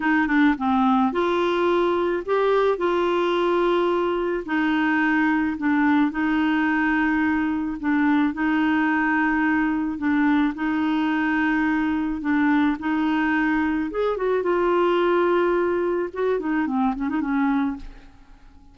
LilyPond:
\new Staff \with { instrumentName = "clarinet" } { \time 4/4 \tempo 4 = 108 dis'8 d'8 c'4 f'2 | g'4 f'2. | dis'2 d'4 dis'4~ | dis'2 d'4 dis'4~ |
dis'2 d'4 dis'4~ | dis'2 d'4 dis'4~ | dis'4 gis'8 fis'8 f'2~ | f'4 fis'8 dis'8 c'8 cis'16 dis'16 cis'4 | }